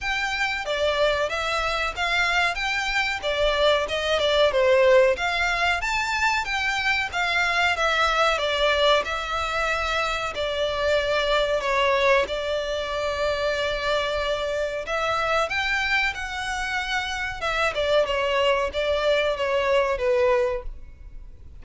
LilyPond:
\new Staff \with { instrumentName = "violin" } { \time 4/4 \tempo 4 = 93 g''4 d''4 e''4 f''4 | g''4 d''4 dis''8 d''8 c''4 | f''4 a''4 g''4 f''4 | e''4 d''4 e''2 |
d''2 cis''4 d''4~ | d''2. e''4 | g''4 fis''2 e''8 d''8 | cis''4 d''4 cis''4 b'4 | }